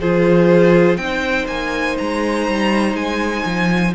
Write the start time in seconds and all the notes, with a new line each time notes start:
0.00 F3 F4 G#4 C5
0.97 C4 D#4 G5
1.03 C5
1.47 A#3 G#5
1.98 G#3 A#5
2.48 G3
2.93 G#3 G#5
3.45 F3